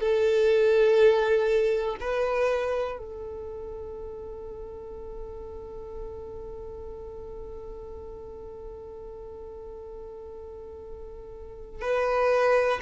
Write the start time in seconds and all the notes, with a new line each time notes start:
0.00 A4
2.00 B4
2.98 A4
11.82 B4